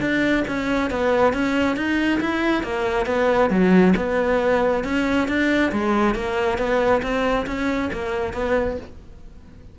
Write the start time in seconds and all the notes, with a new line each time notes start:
0.00 D4
0.47 C#4
0.90 B3
1.33 C#4
1.76 D#4
2.20 E4
2.63 A#3
3.06 B3
3.50 F#3
3.96 B3
4.84 C#4
5.28 D4
5.72 G#3
6.14 A#3
6.58 B3
7.02 C4
7.46 C#4
7.92 A#3
8.33 B3